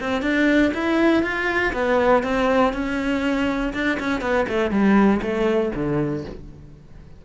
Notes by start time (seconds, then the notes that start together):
0.00 C4
0.22 D4
0.73 E4
1.22 F4
1.73 B3
2.23 C4
2.73 C#4
3.73 D4
3.99 C#4
4.21 B3
4.48 A3
4.70 G3
5.22 A3
5.75 D3